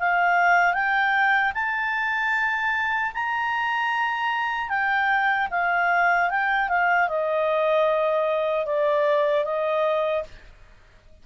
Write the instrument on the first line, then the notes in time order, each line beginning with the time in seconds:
clarinet
0.00 F5
0.74 G5
1.55 A5
3.14 A#5
4.69 G5
5.51 F5
6.31 G5
6.69 F5
7.08 D#5
8.66 D5
9.45 D#5